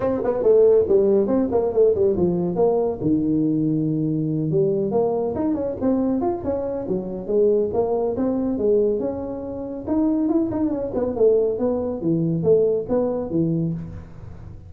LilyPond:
\new Staff \with { instrumentName = "tuba" } { \time 4/4 \tempo 4 = 140 c'8 b8 a4 g4 c'8 ais8 | a8 g8 f4 ais4 dis4~ | dis2~ dis8 g4 ais8~ | ais8 dis'8 cis'8 c'4 f'8 cis'4 |
fis4 gis4 ais4 c'4 | gis4 cis'2 dis'4 | e'8 dis'8 cis'8 b8 a4 b4 | e4 a4 b4 e4 | }